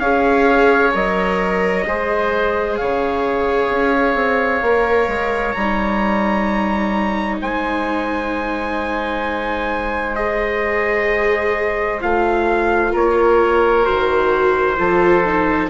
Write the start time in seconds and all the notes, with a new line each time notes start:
0.00 C#4 G#4 C#5 F5
0.93 F#3 A#4 D#5
1.87 G#3 G#4 C5
2.77 C#3 C#5 F5
3.70 C#4
4.15 C4
4.62 A#3 A#4
5.08 G#3
5.52 G3 A#5
5.58 D#4
7.41 G#3 C5 G#5
10.16 G#4 D#5
12.01 A3 F4 F5
12.92 A#3 A#4 C#5
13.84 D#3 F#4 C5
14.78 F3 F4 A4
15.26 D#4